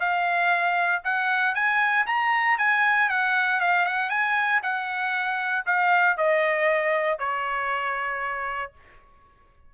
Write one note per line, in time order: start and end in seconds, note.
0.00 1.03 F5
1.04 1.55 F#5
1.55 2.06 G#5
2.07 2.58 A#5
2.58 3.10 G#5
3.10 3.61 F#5
3.61 3.86 F5
3.86 4.10 F#5
4.10 4.61 G#5
4.63 5.65 F#5
5.66 6.17 F5
6.17 7.19 D#5
7.19 8.73 C#5